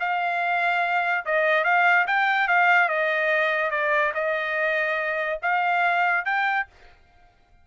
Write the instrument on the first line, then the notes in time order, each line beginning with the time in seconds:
trumpet
0.00 F5
1.26 D#5
1.64 F5
2.07 G5
2.48 F5
2.89 D#5
3.71 D5
4.14 D#5
5.42 F5
6.25 G5